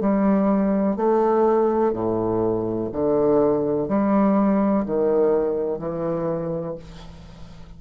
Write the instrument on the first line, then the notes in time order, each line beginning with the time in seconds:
bassoon
0.00 G3
0.96 A3
1.92 A2
2.92 D3
3.88 G3
4.85 D#3
5.78 E3